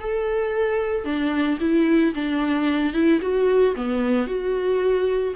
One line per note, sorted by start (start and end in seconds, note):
0.00 1.05 A4
1.05 1.59 D4
1.61 2.14 E4
2.15 2.94 D4
2.94 3.21 E4
3.22 3.75 F#4
3.76 4.27 B3
4.27 5.34 F#4